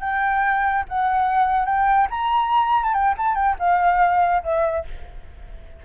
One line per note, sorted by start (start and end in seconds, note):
0.00 0.84 G5
0.88 1.65 F#5
1.65 2.07 G5
2.10 2.83 A#5
2.83 2.94 A5
2.94 3.14 G5
3.17 3.35 A5
3.35 3.56 G5
3.59 4.43 F5
4.43 4.85 E5